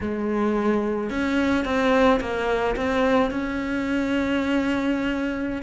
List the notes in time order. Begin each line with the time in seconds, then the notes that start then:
0.01 G#3
1.10 C#4
1.64 C4
2.20 A#3
2.75 C4
3.30 C#4